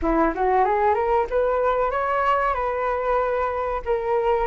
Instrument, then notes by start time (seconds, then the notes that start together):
flute
0.01 E4
0.35 F#4
0.64 G#4
0.94 A#4
1.30 B4
1.90 C#5
2.54 B4
3.85 A#4